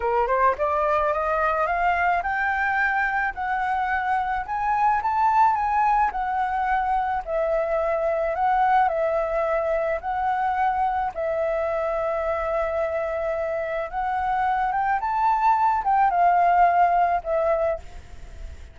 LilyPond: \new Staff \with { instrumentName = "flute" } { \time 4/4 \tempo 4 = 108 ais'8 c''8 d''4 dis''4 f''4 | g''2 fis''2 | gis''4 a''4 gis''4 fis''4~ | fis''4 e''2 fis''4 |
e''2 fis''2 | e''1~ | e''4 fis''4. g''8 a''4~ | a''8 g''8 f''2 e''4 | }